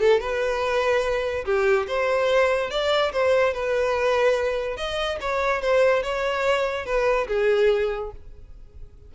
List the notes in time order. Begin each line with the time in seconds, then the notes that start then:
0.00 A4
0.20 B4
1.45 G4
1.88 C5
2.70 D5
3.12 C5
3.54 B4
4.77 D#5
5.21 C#5
5.62 C5
6.03 C#5
6.86 B4
7.28 G#4